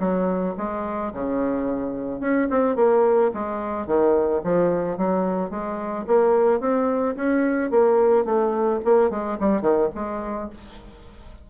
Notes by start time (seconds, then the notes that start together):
0.00 F#3
0.58 G#3
1.14 C#3
2.21 C#4
2.51 C4
2.76 A#3
3.34 G#3
3.87 D#3
4.44 F3
4.98 F#3
5.50 G#3
6.08 A#3
6.61 C4
7.16 C#4
7.71 A#3
8.25 A3
8.85 A#3
9.11 G#3
9.40 G3
9.62 D#3
9.95 G#3